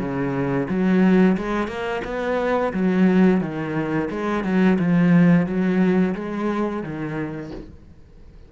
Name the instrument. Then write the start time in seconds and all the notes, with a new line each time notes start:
cello
0.00 C#3
0.69 F#3
1.37 G#3
1.68 A#3
2.05 B3
2.73 F#3
3.42 D#3
4.11 G#3
4.44 F#3
4.79 F3
5.47 F#3
6.15 G#3
6.84 D#3